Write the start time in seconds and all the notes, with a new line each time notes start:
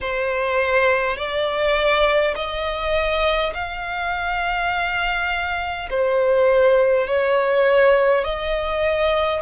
0.00 C5
1.17 D5
2.35 D#5
3.53 F5
5.89 C5
7.07 C#5
8.24 D#5